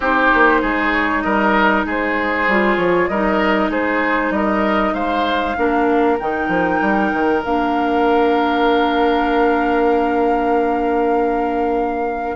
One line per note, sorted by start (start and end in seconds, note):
0.00 0.30 C4
0.00 2.48 D#4
0.00 0.61 G4
0.00 0.93 C5
0.34 0.62 A#3
0.61 1.24 G#3
0.61 1.23 G#4
0.93 1.21 C#5
1.21 1.85 G3
1.21 1.86 A#4
1.21 1.83 D#5
1.85 2.47 G#3
1.85 3.09 G#4
1.85 2.77 C5
2.47 2.77 G3
2.47 3.12 F4
2.77 3.08 F3
2.77 3.07 C#5
3.07 3.69 G3
3.07 5.56 D#4
3.07 3.70 A#4
3.07 3.69 D#5
3.69 4.30 G#3
3.69 4.32 G#4
3.69 4.32 C5
4.30 4.92 G3
4.30 4.94 A#4
4.30 4.93 D#5
4.93 5.55 G#3
4.93 5.56 C5
4.93 6.17 F5
5.56 6.19 A#3
5.56 6.18 D4
5.56 12.36 A#4
6.18 6.48 D#3
6.18 7.43 D#4
6.18 7.42 G5
6.48 6.79 F3
6.81 7.12 G3
7.12 7.43 D#3
7.43 12.36 A#3
7.43 12.36 D4
7.43 12.36 F5